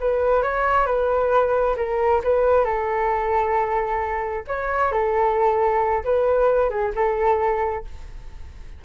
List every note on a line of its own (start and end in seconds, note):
0.00 0.42 B4
0.42 0.86 C#5
0.86 1.75 B4
1.76 2.21 A#4
2.23 2.64 B4
2.64 4.43 A4
4.47 4.92 C#5
4.92 6.04 A4
6.04 6.70 B4
6.70 6.92 G#4
6.95 7.84 A4